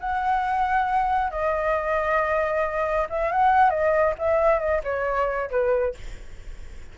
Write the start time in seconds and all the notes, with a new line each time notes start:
0.00 F#5
1.31 D#5
3.09 E5
3.32 F#5
3.70 D#5
4.19 E5
4.59 D#5
4.84 C#5
5.50 B4